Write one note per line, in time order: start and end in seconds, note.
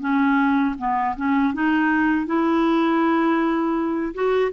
0.00 0.75 C#4
0.78 1.15 B3
1.16 1.53 C#4
1.53 2.26 D#4
2.26 4.14 E4
4.14 4.51 F#4